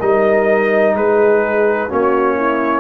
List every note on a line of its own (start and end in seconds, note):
0.00 0.95 G3
0.00 1.89 D#4
0.00 0.95 A#4
0.00 0.96 D#5
0.95 1.90 G#3
0.95 1.89 G#4
0.95 1.92 B4
1.89 2.81 A#3
1.89 2.81 C#4
1.89 2.36 F#4
1.89 2.81 C#5
2.36 2.81 E4